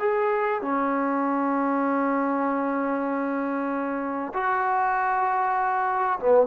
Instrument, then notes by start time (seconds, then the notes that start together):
trombone
0.00 G#4
0.62 C#4
4.34 F#4
6.20 B3